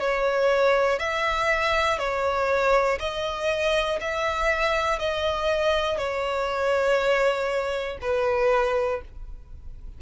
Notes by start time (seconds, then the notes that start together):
0.00 C#5
1.00 E5
1.99 C#5
3.00 D#5
4.00 E5
4.99 D#5
5.98 C#5
8.01 B4